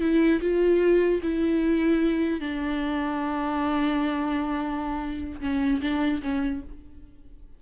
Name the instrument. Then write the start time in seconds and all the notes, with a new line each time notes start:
viola
0.00 E4
0.41 F4
1.22 E4
2.40 D4
5.40 C#4
5.81 D4
6.22 C#4